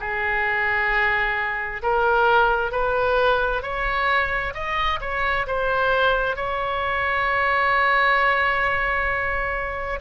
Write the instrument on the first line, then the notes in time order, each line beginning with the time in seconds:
oboe
0.00 G#4
1.82 A#4
2.71 B4
3.62 C#5
4.54 D#5
5.00 C#5
5.46 C5
6.36 C#5